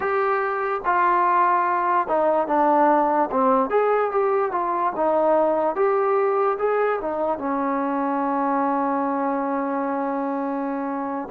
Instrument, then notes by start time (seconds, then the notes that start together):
trombone
0.00 G4
0.85 F4
2.07 D#4
2.47 D4
3.31 C4
3.70 G#4
4.11 G4
4.51 F4
4.95 D#4
5.75 G4
6.58 G#4
7.01 D#4
7.38 C#4